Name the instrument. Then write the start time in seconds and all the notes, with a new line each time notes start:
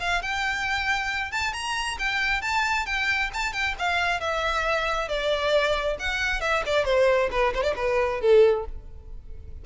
violin
0.00 F5
0.22 G5
1.32 A5
1.53 A#5
1.99 G5
2.42 A5
2.86 G5
3.34 A5
3.53 G5
3.79 F5
4.21 E5
5.08 D5
5.99 F#5
6.41 E5
6.66 D5
6.85 C5
7.31 B4
7.54 C5
7.63 D5
7.76 B4
8.21 A4